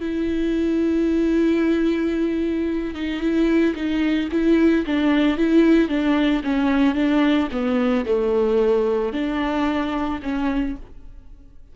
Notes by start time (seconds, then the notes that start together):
0.00 E4
2.94 D#4
3.20 E4
3.75 D#4
4.31 E4
4.86 D4
5.37 E4
5.88 D4
6.44 C#4
6.95 D4
7.51 B3
8.06 A3
9.13 D4
10.22 C#4